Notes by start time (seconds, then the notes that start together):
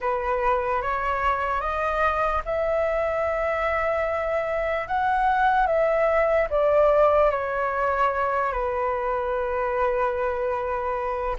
0.00 B4
0.81 C#5
1.60 D#5
2.45 E5
4.87 F#5
5.66 E5
6.49 D5
7.30 C#5
8.52 B4